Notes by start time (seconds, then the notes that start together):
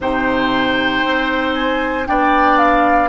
0.00 C3 D#4 C5 G5
1.05 C4
1.53 G#5
2.06 B3 D4 D5 G5
2.58 F5